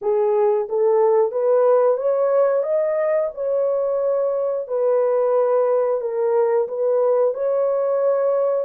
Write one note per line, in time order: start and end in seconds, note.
0.01 0.68 G#4
0.68 1.32 A4
1.32 1.97 B4
1.97 2.63 C#5
2.63 3.29 D#5
3.34 4.67 C#5
4.67 6.01 B4
6.01 6.67 A#4
6.68 7.34 B4
7.34 8.65 C#5